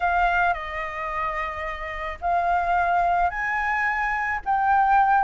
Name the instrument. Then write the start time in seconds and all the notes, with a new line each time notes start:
flute
0.00 F5
0.53 D#5
2.21 F5
3.30 G#5
4.45 G5